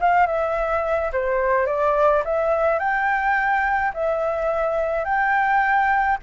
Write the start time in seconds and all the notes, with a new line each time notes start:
0.00 F5
0.27 E5
1.12 C5
1.66 D5
2.24 E5
2.79 G5
3.93 E5
5.05 G5